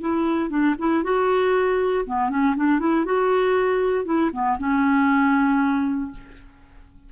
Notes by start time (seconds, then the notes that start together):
0.00 E4
0.49 D4
0.78 E4
1.03 F#4
2.05 B3
2.29 C#4
2.56 D4
2.79 E4
3.05 F#4
4.05 E4
4.32 B3
4.58 C#4